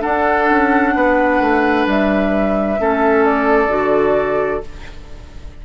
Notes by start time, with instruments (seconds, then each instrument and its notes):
0.00 clarinet D4, bassoon D4, oboe A4, flute F#5
0.50 bassoon C#4
0.94 bassoon B3, oboe B4
1.39 bassoon A3
1.86 bassoon G3, flute E5
2.78 bassoon A3, clarinet C#4, oboe A4
3.24 flute D5
3.67 bassoon D3, clarinet F#4